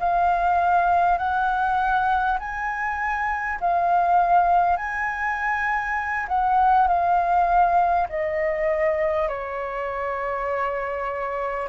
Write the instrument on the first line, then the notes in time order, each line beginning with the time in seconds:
flute
0.00 F5
1.18 F#5
2.39 G#5
3.61 F5
4.77 G#5
6.29 F#5
6.88 F5
8.09 D#5
9.29 C#5